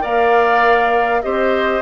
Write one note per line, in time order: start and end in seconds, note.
0.00 1.24 A#3
0.00 1.20 A#4
0.00 1.21 D5
0.00 1.22 F5
1.22 1.81 C4
1.22 1.81 G4
1.22 1.81 C5
1.22 1.81 D#5